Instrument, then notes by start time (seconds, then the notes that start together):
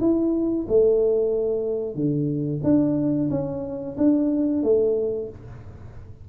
tuba
0.00 E4
0.68 A3
1.95 D3
2.63 D4
3.30 C#4
3.97 D4
4.63 A3